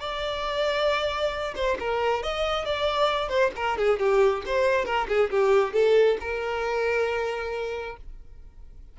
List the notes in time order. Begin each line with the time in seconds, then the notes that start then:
0.00 D5
1.56 C5
1.80 A#4
2.23 D#5
2.65 D5
3.29 C5
3.56 A#4
3.78 G#4
3.99 G4
4.46 C5
4.85 A#4
5.08 G#4
5.30 G4
5.73 A4
6.20 A#4